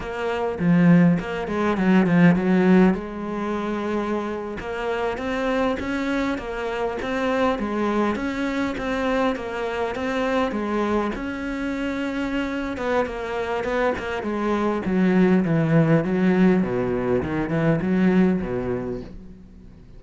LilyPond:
\new Staff \with { instrumentName = "cello" } { \time 4/4 \tempo 4 = 101 ais4 f4 ais8 gis8 fis8 f8 | fis4 gis2~ gis8. ais16~ | ais8. c'4 cis'4 ais4 c'16~ | c'8. gis4 cis'4 c'4 ais16~ |
ais8. c'4 gis4 cis'4~ cis'16~ | cis'4. b8 ais4 b8 ais8 | gis4 fis4 e4 fis4 | b,4 dis8 e8 fis4 b,4 | }